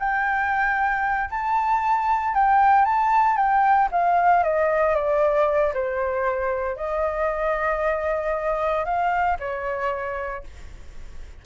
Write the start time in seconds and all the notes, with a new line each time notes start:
0.00 G5
1.31 A5
2.35 G5
2.86 A5
3.37 G5
3.92 F5
4.44 D#5
4.95 D5
5.74 C5
6.77 D#5
8.86 F5
9.40 C#5